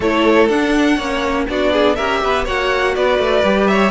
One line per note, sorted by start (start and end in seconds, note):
0.00 0.48 A3
0.00 0.51 E4
0.00 0.96 A4
0.00 0.48 C#5
0.48 0.98 D4
0.48 1.00 D4
0.48 1.46 F#5
0.96 1.47 A#3
0.96 1.47 C#4
0.96 1.45 C#5
1.47 1.98 B3
1.47 1.97 D4
1.47 1.72 F#4
1.47 1.95 D5
1.72 1.96 G#4
1.95 2.23 C#4
1.95 2.45 G4
1.95 2.20 A#4
1.95 2.44 E5
2.23 2.47 B3
2.23 2.44 B4
2.44 2.96 A#3
2.44 3.44 F#4
2.44 2.93 C#5
2.44 2.95 F#5
2.95 3.18 B3
2.95 3.71 B4
2.95 3.67 D5
3.18 3.43 A3
3.43 3.90 G3
3.43 3.90 G4
3.67 3.90 C#5
3.67 3.90 E5